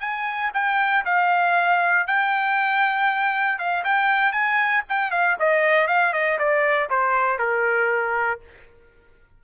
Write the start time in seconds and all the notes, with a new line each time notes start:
0.00 G#5
0.54 G5
1.05 F5
2.07 G5
3.58 F5
3.84 G5
4.32 G#5
4.89 G5
5.11 F5
5.39 D#5
5.87 F5
6.13 D#5
6.39 D5
6.90 C5
7.38 A#4